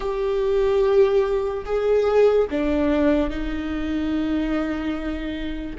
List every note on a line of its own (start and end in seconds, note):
0.00 1.64 G4
1.65 2.47 G#4
2.50 3.30 D4
3.30 5.76 D#4